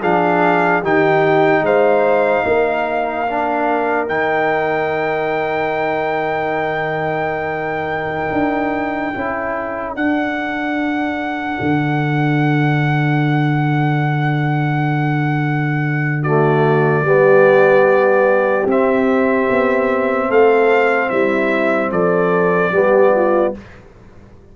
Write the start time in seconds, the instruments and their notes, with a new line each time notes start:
0.00 tuba F3, trombone D4, horn G#4, trumpet F5
0.81 tuba D#3, trombone D#4, horn G4, trumpet G5
1.61 tuba G#3, horn C5, trumpet F5
2.45 tuba A#3, horn A#4
3.27 trombone D4
4.07 tuba D#3, trombone D#4, trumpet G5
8.32 tuba D4
9.13 tuba C#4, trombone E4, horn A4
9.95 tuba D4, trombone D4, trumpet F#5
11.60 tuba D3
16.22 trombone A3, horn F#4, trumpet D5
17.01 tuba G3, trombone B3, horn G4
18.65 tuba C4, trombone C4, trumpet E5
19.50 tuba B3
20.28 tuba A3, horn A4, trumpet F5
21.09 tuba G3, horn E4, trumpet E5
21.91 tuba F3, horn A4, trumpet D5
22.71 tuba G3, trombone B3, horn G4
23.15 horn F4